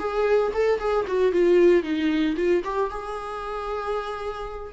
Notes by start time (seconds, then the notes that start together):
0.00 G#4
0.54 A4
0.80 G#4
1.08 F#4
1.33 F4
1.83 D#4
2.37 F4
2.65 G4
2.91 G#4